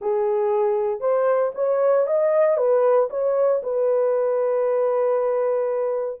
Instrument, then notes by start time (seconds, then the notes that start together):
horn
0.01 G#4
1.00 C5
1.54 C#5
2.07 D#5
2.57 B4
3.10 C#5
3.63 B4